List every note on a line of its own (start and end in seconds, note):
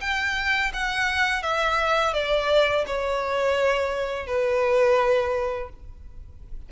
0.00 0.71 G5
0.73 1.42 F#5
1.42 2.13 E5
2.13 2.85 D5
2.86 4.26 C#5
4.26 5.69 B4